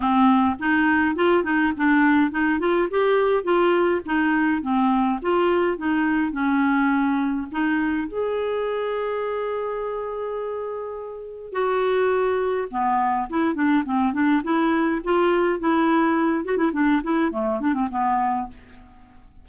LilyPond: \new Staff \with { instrumentName = "clarinet" } { \time 4/4 \tempo 4 = 104 c'4 dis'4 f'8 dis'8 d'4 | dis'8 f'8 g'4 f'4 dis'4 | c'4 f'4 dis'4 cis'4~ | cis'4 dis'4 gis'2~ |
gis'1 | fis'2 b4 e'8 d'8 | c'8 d'8 e'4 f'4 e'4~ | e'8 fis'16 e'16 d'8 e'8 a8 d'16 c'16 b4 | }